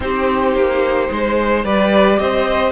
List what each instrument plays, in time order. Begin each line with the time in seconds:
0.00 cello C4, viola D#4, violin G4 C5
0.54 cello A#3
1.10 cello G#3, violin C5
1.64 cello G3, viola G4, violin B4 D5
2.18 cello C4, violin C5 D#5